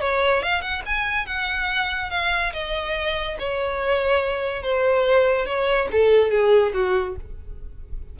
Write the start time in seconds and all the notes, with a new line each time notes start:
0.00 C#5
0.42 F5
0.61 F#5
0.85 G#5
1.26 F#5
2.10 F5
2.53 D#5
3.39 C#5
4.62 C5
5.45 C#5
5.92 A4
6.30 G#4
6.73 F#4